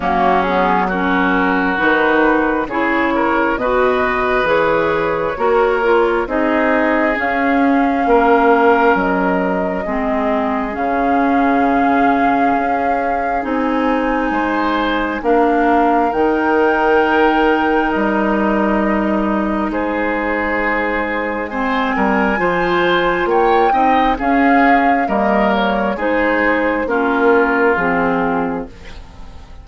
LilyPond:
<<
  \new Staff \with { instrumentName = "flute" } { \time 4/4 \tempo 4 = 67 fis'8 gis'8 ais'4 b'4 cis''4 | dis''4 cis''2 dis''4 | f''2 dis''2 | f''2. gis''4~ |
gis''4 f''4 g''2 | dis''2 c''2 | gis''2 g''4 f''4 | dis''8 cis''8 c''4 ais'4 gis'4 | }
  \new Staff \with { instrumentName = "oboe" } { \time 4/4 cis'4 fis'2 gis'8 ais'8 | b'2 ais'4 gis'4~ | gis'4 ais'2 gis'4~ | gis'1 |
c''4 ais'2.~ | ais'2 gis'2 | c''8 ais'8 c''4 cis''8 dis''8 gis'4 | ais'4 gis'4 f'2 | }
  \new Staff \with { instrumentName = "clarinet" } { \time 4/4 ais8 b8 cis'4 dis'4 e'4 | fis'4 gis'4 fis'8 f'8 dis'4 | cis'2. c'4 | cis'2. dis'4~ |
dis'4 d'4 dis'2~ | dis'1 | c'4 f'4. dis'8 cis'4 | ais4 dis'4 cis'4 c'4 | }
  \new Staff \with { instrumentName = "bassoon" } { \time 4/4 fis2 dis4 cis4 | b,4 e4 ais4 c'4 | cis'4 ais4 fis4 gis4 | cis2 cis'4 c'4 |
gis4 ais4 dis2 | g2 gis2~ | gis8 g8 f4 ais8 c'8 cis'4 | g4 gis4 ais4 f4 | }
>>